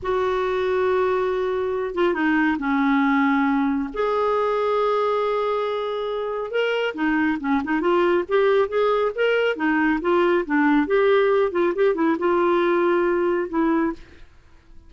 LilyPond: \new Staff \with { instrumentName = "clarinet" } { \time 4/4 \tempo 4 = 138 fis'1~ | fis'8 f'8 dis'4 cis'2~ | cis'4 gis'2.~ | gis'2. ais'4 |
dis'4 cis'8 dis'8 f'4 g'4 | gis'4 ais'4 dis'4 f'4 | d'4 g'4. f'8 g'8 e'8 | f'2. e'4 | }